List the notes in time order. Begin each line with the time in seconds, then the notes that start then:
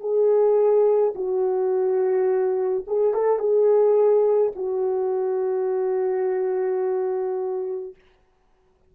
0.00 G#4
1.15 F#4
2.87 G#4
3.14 A4
3.39 G#4
4.55 F#4